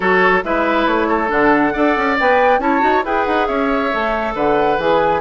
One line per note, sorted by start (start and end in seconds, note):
0.00 0.42 F#3
0.00 0.43 F#4
0.00 0.43 A4
0.00 0.43 C#5
0.43 0.86 G#3
0.43 1.27 E4
0.43 1.08 B4
0.43 0.87 E5
0.86 1.29 A3
0.86 1.30 C#5
1.08 1.73 A4
1.27 1.74 D3
1.27 1.71 D4
1.27 2.18 F#5
1.73 1.96 D4
1.73 2.17 A4
1.73 2.60 D5
1.97 2.18 C#4
2.19 2.59 B3
2.19 2.60 B4
2.19 2.60 G5
2.59 2.80 C#4
2.59 2.80 E4
2.59 3.05 C#5
2.59 3.03 A5
2.80 3.04 D#4
2.80 3.01 F#4
3.04 3.25 E4
3.04 3.91 G#4
3.04 3.47 B4
3.04 3.25 G5
3.25 3.48 D#4
3.25 3.46 F#5
3.46 3.91 C#4
3.46 4.34 C#5
3.46 4.33 E5
3.92 4.34 A3
3.92 4.79 A4
4.34 4.78 D3
4.34 5.20 B4
4.34 4.80 F#5
4.78 5.20 E3
4.78 5.20 G#4
4.78 5.20 G#5